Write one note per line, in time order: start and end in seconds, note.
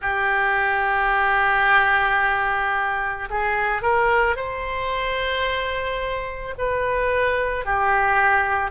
0.01 3.28 G4
3.30 3.82 G#4
3.82 4.36 A#4
4.36 6.54 C5
6.58 7.65 B4
7.65 8.70 G4